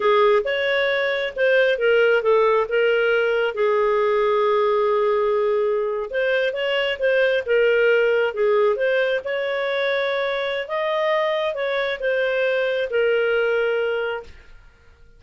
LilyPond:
\new Staff \with { instrumentName = "clarinet" } { \time 4/4 \tempo 4 = 135 gis'4 cis''2 c''4 | ais'4 a'4 ais'2 | gis'1~ | gis'4.~ gis'16 c''4 cis''4 c''16~ |
c''8. ais'2 gis'4 c''16~ | c''8. cis''2.~ cis''16 | dis''2 cis''4 c''4~ | c''4 ais'2. | }